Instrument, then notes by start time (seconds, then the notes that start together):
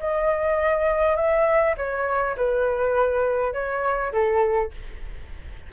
flute
0.00 D#5
1.16 E5
1.78 C#5
2.37 B4
3.53 C#5
4.13 A4